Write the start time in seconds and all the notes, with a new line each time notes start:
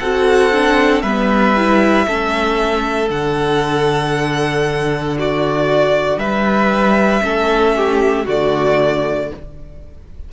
0.00 C4 F#4 A4 F#5
0.52 D4
1.02 G3 B3 B4 E5
1.57 E4
2.08 A3 C#4 A4
3.09 D3 D4 F#5
5.19 F#4 D5
6.18 G3 B4 E5
7.23 A3 C#4 A4
7.77 G4
8.26 D3 A3 F#4 D5